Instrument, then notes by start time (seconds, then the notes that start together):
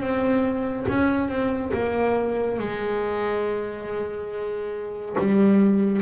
double bass
0.00 C4
0.88 C#4
1.28 C4
1.73 A#3
2.59 G#3
5.19 G3